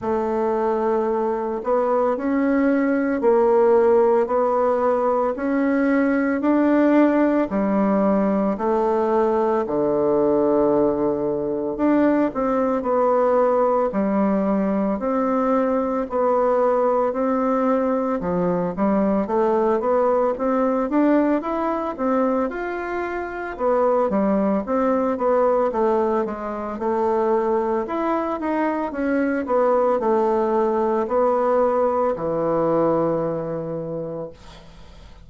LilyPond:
\new Staff \with { instrumentName = "bassoon" } { \time 4/4 \tempo 4 = 56 a4. b8 cis'4 ais4 | b4 cis'4 d'4 g4 | a4 d2 d'8 c'8 | b4 g4 c'4 b4 |
c'4 f8 g8 a8 b8 c'8 d'8 | e'8 c'8 f'4 b8 g8 c'8 b8 | a8 gis8 a4 e'8 dis'8 cis'8 b8 | a4 b4 e2 | }